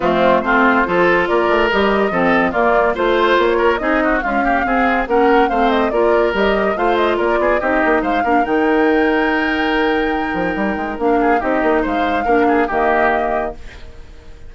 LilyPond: <<
  \new Staff \with { instrumentName = "flute" } { \time 4/4 \tempo 4 = 142 f'4 c''2 d''4 | dis''2 d''4 c''4 | cis''4 dis''4 f''2 | fis''4 f''8 dis''8 d''4 dis''4 |
f''8 dis''8 d''4 dis''4 f''4 | g''1~ | g''2 f''4 dis''4 | f''2 dis''2 | }
  \new Staff \with { instrumentName = "oboe" } { \time 4/4 c'4 f'4 a'4 ais'4~ | ais'4 a'4 f'4 c''4~ | c''8 ais'8 gis'8 fis'8 f'8 g'8 gis'4 | ais'4 c''4 ais'2 |
c''4 ais'8 gis'8 g'4 c''8 ais'8~ | ais'1~ | ais'2~ ais'8 gis'8 g'4 | c''4 ais'8 gis'8 g'2 | }
  \new Staff \with { instrumentName = "clarinet" } { \time 4/4 a4 c'4 f'2 | g'4 c'4 ais4 f'4~ | f'4 dis'4 gis8 ais8 c'4 | cis'4 c'4 f'4 g'4 |
f'2 dis'4. d'8 | dis'1~ | dis'2 d'4 dis'4~ | dis'4 d'4 ais2 | }
  \new Staff \with { instrumentName = "bassoon" } { \time 4/4 f4 a4 f4 ais8 a8 | g4 f4 ais4 a4 | ais4 c'4 cis'4 c'4 | ais4 a4 ais4 g4 |
a4 ais8 b8 c'8 ais8 gis8 ais8 | dis1~ | dis8 f8 g8 gis8 ais4 c'8 ais8 | gis4 ais4 dis2 | }
>>